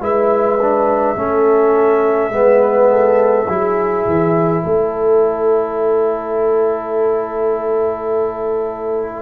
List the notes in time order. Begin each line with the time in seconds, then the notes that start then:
0.00 G#3 E4 B4 E5
0.61 D4
1.16 A3 C#4 A4
2.30 G#3 B3 B4
2.91 A4
3.48 F#3 E4 G#4
4.06 E3
4.64 A3 A4 C#5